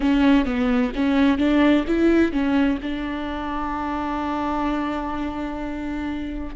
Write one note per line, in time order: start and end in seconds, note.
0.00 0.45 C#4
0.45 0.92 B3
0.95 1.38 C#4
1.38 1.85 D4
1.87 2.32 E4
2.32 2.79 C#4
2.82 6.55 D4